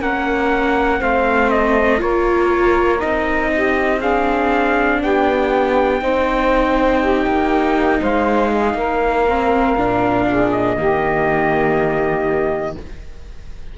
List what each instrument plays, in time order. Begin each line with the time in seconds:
0.00 cello A#3, viola C#4, saxophone A#4, trumpet F#5
0.99 cello A3, viola C4, saxophone C5, trumpet F5
1.50 trumpet D#5
1.98 cello A#3, viola F4, saxophone A#4, trumpet C#5
2.99 cello C4, viola D#4, trumpet D#5
3.54 saxophone G4
3.99 viola D4, saxophone G#4, trumpet F5
5.02 cello B3, saxophone G4, trumpet G5
6.01 cello C4, viola D#4, saxophone C5
6.99 saxophone G4
7.26 cello A#3
8.01 cello G#3, saxophone C5, trumpet F5
8.54 saxophone G#4
8.74 cello A#3, saxophone A#4
9.29 viola C4
9.77 cello A#2, viola D4
10.29 saxophone G#4
10.52 trumpet D#5
10.76 cello D#3, viola A#3, saxophone G4